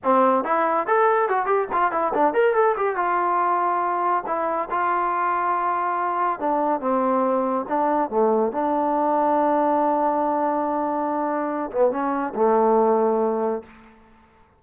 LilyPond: \new Staff \with { instrumentName = "trombone" } { \time 4/4 \tempo 4 = 141 c'4 e'4 a'4 fis'8 g'8 | f'8 e'8 d'8 ais'8 a'8 g'8 f'4~ | f'2 e'4 f'4~ | f'2. d'4 |
c'2 d'4 a4 | d'1~ | d'2.~ d'8 b8 | cis'4 a2. | }